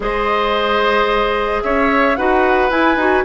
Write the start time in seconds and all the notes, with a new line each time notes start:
0.00 G#3 G#4 C5 D#5
1.62 C#4 C#5 E5
2.15 D#4 F#4 B4 F#5
2.70 E4 G#5
2.95 D#4 F#4